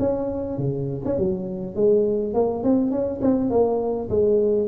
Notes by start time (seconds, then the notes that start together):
0.00 C#4
0.58 C#3
1.05 C#4
1.18 F#3
1.76 G#3
2.34 A#3
2.64 C4
2.91 C#4
3.22 C4
3.50 A#3
4.10 G#3